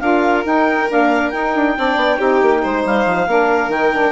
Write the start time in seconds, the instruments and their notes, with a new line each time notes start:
0.00 bassoon D4, saxophone F4, violin A#4, clarinet F5
0.43 saxophone D#4, bassoon D#4, clarinet G5
0.89 saxophone A#3, bassoon D4, clarinet F5
1.30 bassoon D#4, saxophone D#4, clarinet G5
1.54 bassoon D4
1.76 bassoon C4, saxophone D4, violin D5
1.95 bassoon B3
2.18 bassoon C4, saxophone D#4, violin G4
2.41 bassoon A#3
2.62 bassoon G#3, violin C5
2.84 bassoon G3, clarinet F5
3.06 bassoon F3
3.27 bassoon A#3, saxophone D4, violin A#4
3.67 bassoon D#3, saxophone D#4, clarinet G5
3.93 saxophone D4